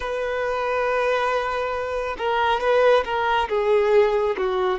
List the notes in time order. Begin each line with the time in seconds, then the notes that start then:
0.00 B4
2.18 A#4
2.60 B4
3.04 A#4
3.49 G#4
4.37 F#4